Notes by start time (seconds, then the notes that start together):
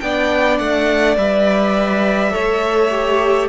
0.00 B3 D4 D5 G5
0.59 A3 F#5
1.17 G3 B4 E5
2.31 A3 A4 C#5
2.91 G4